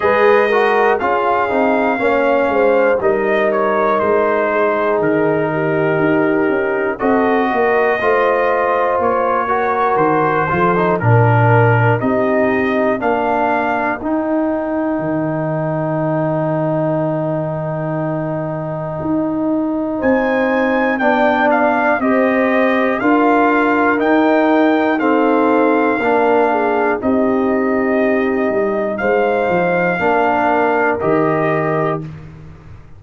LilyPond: <<
  \new Staff \with { instrumentName = "trumpet" } { \time 4/4 \tempo 4 = 60 dis''4 f''2 dis''8 cis''8 | c''4 ais'2 dis''4~ | dis''4 cis''4 c''4 ais'4 | dis''4 f''4 g''2~ |
g''1 | gis''4 g''8 f''8 dis''4 f''4 | g''4 f''2 dis''4~ | dis''4 f''2 dis''4 | }
  \new Staff \with { instrumentName = "horn" } { \time 4/4 b'8 ais'8 gis'4 cis''8 c''8 ais'4~ | ais'8 gis'4 g'4. a'8 ais'8 | c''4. ais'4 a'8 ais'4 | g'4 ais'2.~ |
ais'1 | c''4 d''4 c''4 ais'4~ | ais'4 a'4 ais'8 gis'8 g'4~ | g'4 c''4 ais'2 | }
  \new Staff \with { instrumentName = "trombone" } { \time 4/4 gis'8 fis'8 f'8 dis'8 cis'4 dis'4~ | dis'2. fis'4 | f'4. fis'4 f'16 dis'16 d'4 | dis'4 d'4 dis'2~ |
dis'1~ | dis'4 d'4 g'4 f'4 | dis'4 c'4 d'4 dis'4~ | dis'2 d'4 g'4 | }
  \new Staff \with { instrumentName = "tuba" } { \time 4/4 gis4 cis'8 c'8 ais8 gis8 g4 | gis4 dis4 dis'8 cis'8 c'8 ais8 | a4 ais4 dis8 f8 ais,4 | c'4 ais4 dis'4 dis4~ |
dis2. dis'4 | c'4 b4 c'4 d'4 | dis'2 ais4 c'4~ | c'8 g8 gis8 f8 ais4 dis4 | }
>>